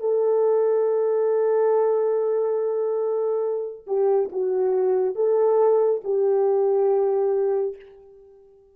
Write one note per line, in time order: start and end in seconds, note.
0.00 3.86 A4
3.87 4.30 G4
4.32 5.15 F#4
5.15 6.01 A4
6.04 7.76 G4